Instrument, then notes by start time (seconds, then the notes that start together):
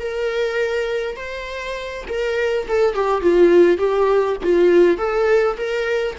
viola
0.00 A#4
1.16 C5
2.08 A#4
2.68 A4
2.94 G4
3.22 F4
3.78 G4
4.43 F4
4.98 A4
5.57 A#4